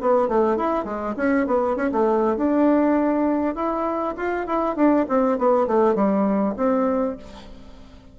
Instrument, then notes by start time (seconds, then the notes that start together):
bassoon
0.00 B3
0.28 A3
0.56 E4
0.84 G#3
1.16 C#4
1.46 B3
1.76 C#4
1.91 A3
2.36 D4
3.55 E4
4.16 F4
4.46 E4
4.75 D4
5.08 C4
5.38 B3
5.67 A3
5.95 G3
6.56 C4